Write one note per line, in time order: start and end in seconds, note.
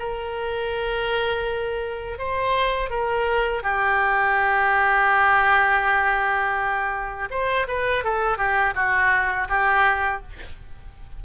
0.00 2.19 A#4
2.19 2.90 C5
2.90 3.64 A#4
3.64 7.29 G4
7.31 7.67 C5
7.68 8.05 B4
8.05 8.38 A4
8.38 8.74 G4
8.75 9.49 F#4
9.50 10.23 G4